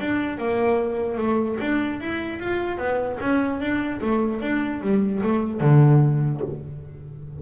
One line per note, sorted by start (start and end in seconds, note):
0.00 0.38 D4
0.38 1.17 A#3
1.17 1.57 A3
1.60 2.00 D4
2.00 2.39 E4
2.39 2.78 F4
2.78 3.18 B3
3.20 3.60 C#4
3.60 4.00 D4
4.01 4.41 A3
4.41 4.81 D4
4.81 5.22 G3
5.23 5.60 A3
5.60 6.41 D3